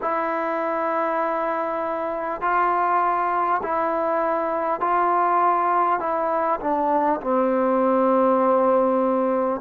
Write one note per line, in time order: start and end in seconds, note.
0.01 2.41 E4
2.41 3.61 F4
3.63 4.80 E4
4.80 5.99 F4
5.99 6.59 E4
6.60 7.20 D4
7.21 9.61 C4